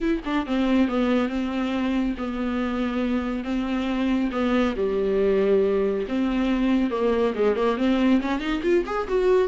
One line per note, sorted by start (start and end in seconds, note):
0.01 0.22 E4
0.25 0.46 D4
0.46 0.88 C4
0.88 1.28 B3
1.28 2.15 C4
2.17 3.44 B3
3.44 4.30 C4
4.31 4.74 B3
4.76 6.06 G3
6.08 6.90 C4
6.90 7.33 A#3
7.35 7.56 G#3
7.56 7.77 A#3
7.77 8.20 C4
8.21 8.40 C#4
8.40 8.61 D#4
8.62 8.84 F4
8.86 9.07 G#4
9.08 9.47 F#4